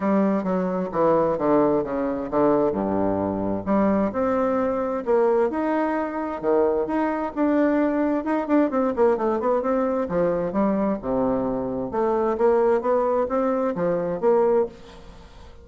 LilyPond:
\new Staff \with { instrumentName = "bassoon" } { \time 4/4 \tempo 4 = 131 g4 fis4 e4 d4 | cis4 d4 g,2 | g4 c'2 ais4 | dis'2 dis4 dis'4 |
d'2 dis'8 d'8 c'8 ais8 | a8 b8 c'4 f4 g4 | c2 a4 ais4 | b4 c'4 f4 ais4 | }